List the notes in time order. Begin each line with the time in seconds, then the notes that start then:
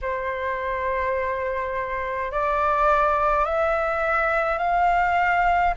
0.01 C5
2.31 D5
3.45 E5
4.58 F5